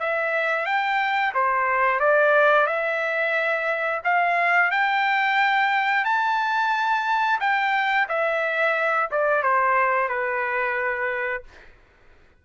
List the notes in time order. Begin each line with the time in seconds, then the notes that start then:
0.00 E5
0.66 G5
1.34 C5
2.00 D5
2.67 E5
4.04 F5
4.71 G5
6.05 A5
7.40 G5
8.09 E5
9.11 D5
9.43 C5
10.08 B4